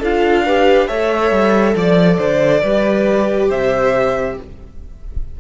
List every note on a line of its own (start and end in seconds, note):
0.00 0.89 D4
0.00 0.47 F4
0.00 0.43 A4
0.00 0.88 F5
0.45 0.88 G4
0.45 0.88 B4
0.88 1.32 A3
0.88 2.62 A4
0.88 1.75 C#5
0.88 1.75 E5
1.32 1.75 G3
1.76 2.18 F3
1.76 2.18 D5
1.76 3.51 D5
2.18 2.62 D3
2.18 2.62 C5
2.62 3.50 G3
2.62 4.40 G4
2.62 3.49 B4
3.49 4.37 C3
3.49 4.36 C5
3.49 4.37 E5